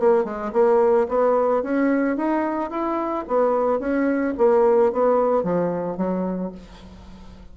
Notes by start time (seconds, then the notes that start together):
0.00 A#3
0.25 G#3
0.53 A#3
1.09 B3
1.63 C#4
2.17 D#4
2.71 E4
3.28 B3
3.80 C#4
4.38 A#3
4.93 B3
5.44 F3
5.98 F#3